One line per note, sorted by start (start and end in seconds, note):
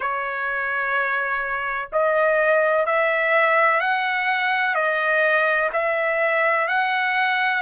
0.00 1.89 C#5
1.92 2.86 D#5
2.86 3.80 E5
3.80 4.74 F#5
4.74 5.70 D#5
5.72 6.68 E5
6.68 7.62 F#5